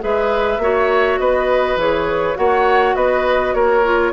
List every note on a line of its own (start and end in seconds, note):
0.00 0.58 G#3
0.00 0.59 G#4
0.00 0.62 B4
0.00 1.19 E5
0.58 1.17 A#3
0.58 1.79 F#4
0.58 1.20 C#5
1.19 1.76 B3
1.19 2.37 B4
1.19 1.77 D#5
1.76 2.35 E3
1.76 2.35 G#4
1.76 2.37 C#5
2.35 2.95 A#3
2.35 3.82 F#4
2.35 2.96 C#5
2.35 2.95 F#5
2.95 3.54 B3
2.95 3.54 B4
2.95 3.54 D#5
3.54 4.12 A#3
3.54 4.12 A#4
3.54 4.12 C#5
3.84 4.12 F4